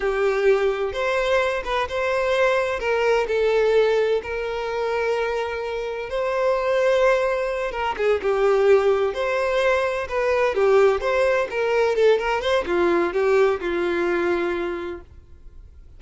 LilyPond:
\new Staff \with { instrumentName = "violin" } { \time 4/4 \tempo 4 = 128 g'2 c''4. b'8 | c''2 ais'4 a'4~ | a'4 ais'2.~ | ais'4 c''2.~ |
c''8 ais'8 gis'8 g'2 c''8~ | c''4. b'4 g'4 c''8~ | c''8 ais'4 a'8 ais'8 c''8 f'4 | g'4 f'2. | }